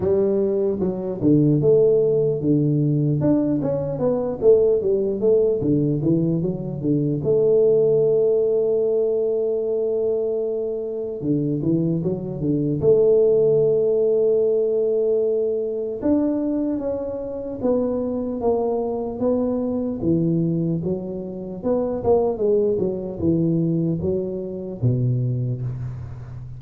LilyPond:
\new Staff \with { instrumentName = "tuba" } { \time 4/4 \tempo 4 = 75 g4 fis8 d8 a4 d4 | d'8 cis'8 b8 a8 g8 a8 d8 e8 | fis8 d8 a2.~ | a2 d8 e8 fis8 d8 |
a1 | d'4 cis'4 b4 ais4 | b4 e4 fis4 b8 ais8 | gis8 fis8 e4 fis4 b,4 | }